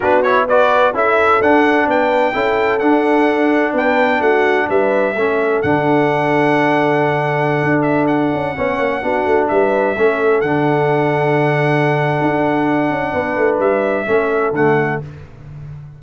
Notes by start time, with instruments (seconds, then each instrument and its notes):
0.00 tuba B3, trombone D4, horn F#4, trumpet B4
0.22 trombone E4, trumpet C#5
0.47 trombone F#4, horn B4, trumpet D5
0.93 tuba C#4, trombone E4, horn A4, trumpet E5
1.40 tuba D4, trombone D4, trumpet F#5
1.87 tuba B3, horn B4, trumpet G5
2.33 tuba C#4, trombone E4, horn A4
2.79 trombone D4, tuba D4, trumpet F#5
3.72 tuba B3, horn B4, trumpet G5
4.20 tuba A3, horn F#4, trumpet F#5
4.68 tuba G3, horn B4, trumpet E5
5.15 tuba A3, trombone C#4, horn A4
5.62 tuba D3, trombone D4, trumpet F#5
7.62 tuba D4
7.82 trumpet E5
8.07 trumpet F#5
8.33 tuba C#4
8.56 tuba B3, trombone C#4, horn C#5
8.78 tuba A#3
9.01 tuba B3, trombone D4, horn F#4
9.25 tuba A3
9.48 tuba G3, horn B4, trumpet E5
9.97 tuba A3, trombone C#4, horn A4
10.40 tuba D3, trombone D4, trumpet F#5
12.21 tuba D4
12.90 tuba C#4
13.12 tuba B3, horn B4
13.36 tuba A3
13.59 tuba G3, trumpet E5
14.06 tuba A3, trombone C#4, horn A4
14.51 tuba D3, trombone A3, trumpet F#5